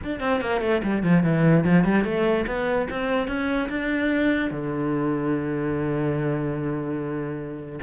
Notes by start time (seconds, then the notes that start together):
0.03 D4
0.20 C4
0.41 A#3
0.61 A3
0.83 G3
1.03 F3
1.23 E3
1.64 F3
1.84 G3
2.04 A3
2.46 B3
2.89 C4
3.27 C#4
3.69 D4
4.51 D3